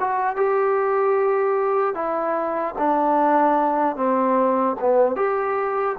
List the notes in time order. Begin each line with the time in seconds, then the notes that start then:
0.00 F#4
0.37 G4
1.95 E4
2.79 D4
3.96 C4
4.80 B3
5.16 G4